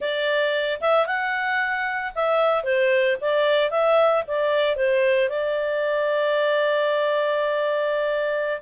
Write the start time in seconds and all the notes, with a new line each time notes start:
0.00 D5
0.80 E5
1.06 F#5
2.15 E5
2.63 C5
3.21 D5
3.70 E5
4.27 D5
4.76 C5
5.29 D5